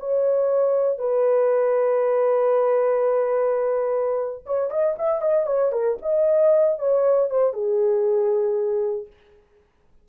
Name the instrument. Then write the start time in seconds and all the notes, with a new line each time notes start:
horn
0.00 C#5
0.99 B4
4.47 C#5
4.71 D#5
4.99 E5
5.22 D#5
5.47 C#5
5.72 A#4
6.03 D#5
6.79 C#5
7.31 C5
7.54 G#4